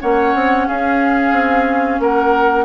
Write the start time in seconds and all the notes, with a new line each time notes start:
0.00 A#3 C#4 C#5 F#5
0.34 C4
0.67 C#4 G#4 F5
1.32 C4
1.99 A#3 A#4 F#5